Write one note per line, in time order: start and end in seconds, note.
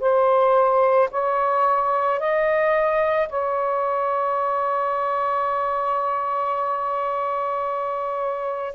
0.00 1.09 C5
1.11 2.19 C#5
2.19 3.28 D#5
3.29 8.74 C#5